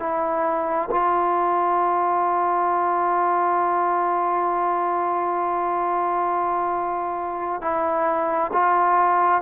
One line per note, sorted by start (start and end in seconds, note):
0.00 0.90 E4
0.91 7.62 F4
7.62 8.52 E4
8.53 9.42 F4